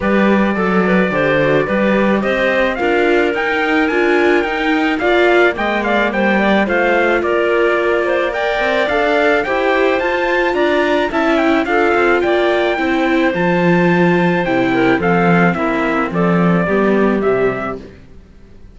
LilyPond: <<
  \new Staff \with { instrumentName = "trumpet" } { \time 4/4 \tempo 4 = 108 d''1 | dis''4 f''4 g''4 gis''4 | g''4 f''4 g''8 f''8 g''4 | f''4 d''2 g''4 |
f''4 g''4 a''4 ais''4 | a''8 g''8 f''4 g''2 | a''2 g''4 f''4 | e''4 d''2 e''4 | }
  \new Staff \with { instrumentName = "clarinet" } { \time 4/4 b'4 a'8 b'8 c''4 b'4 | c''4 ais'2.~ | ais'4 d''4 dis''8 d''8 c''8 d''8 | c''4 ais'4. c''8 d''4~ |
d''4 c''2 d''4 | e''4 a'4 d''4 c''4~ | c''2~ c''8 ais'8 a'4 | e'4 a'4 g'2 | }
  \new Staff \with { instrumentName = "viola" } { \time 4/4 g'4 a'4 g'8 fis'8 g'4~ | g'4 f'4 dis'4 f'4 | dis'4 f'4 ais2 | f'2. ais'4 |
a'4 g'4 f'2 | e'4 f'2 e'4 | f'2 e'4 c'4~ | c'2 b4 g4 | }
  \new Staff \with { instrumentName = "cello" } { \time 4/4 g4 fis4 d4 g4 | c'4 d'4 dis'4 d'4 | dis'4 ais4 gis4 g4 | a4 ais2~ ais8 c'8 |
d'4 e'4 f'4 d'4 | cis'4 d'8 c'8 ais4 c'4 | f2 c4 f4 | ais4 f4 g4 c4 | }
>>